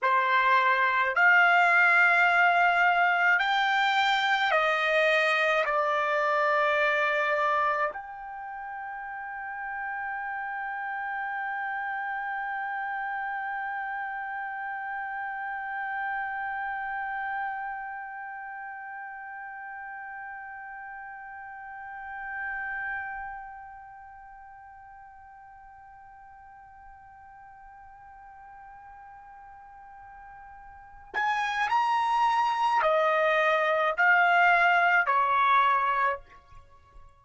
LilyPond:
\new Staff \with { instrumentName = "trumpet" } { \time 4/4 \tempo 4 = 53 c''4 f''2 g''4 | dis''4 d''2 g''4~ | g''1~ | g''1~ |
g''1~ | g''1~ | g''2.~ g''8 gis''8 | ais''4 dis''4 f''4 cis''4 | }